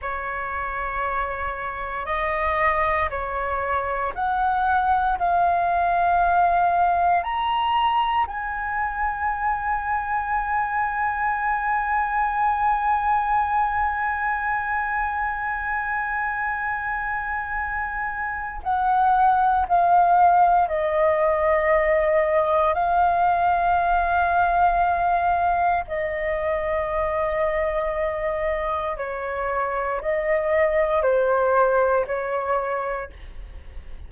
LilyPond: \new Staff \with { instrumentName = "flute" } { \time 4/4 \tempo 4 = 58 cis''2 dis''4 cis''4 | fis''4 f''2 ais''4 | gis''1~ | gis''1~ |
gis''2 fis''4 f''4 | dis''2 f''2~ | f''4 dis''2. | cis''4 dis''4 c''4 cis''4 | }